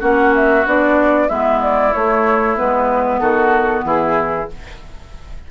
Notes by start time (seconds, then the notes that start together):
0.00 A#3 C#4 F#4 F#5
0.35 E5
0.66 B3 D4 D5
1.28 G#3 B3 E4 E5
1.62 D5
1.93 A3 C#5
2.56 G#3 B3 B4
3.19 D#3 F#4 A4
3.84 E3 E4 G#4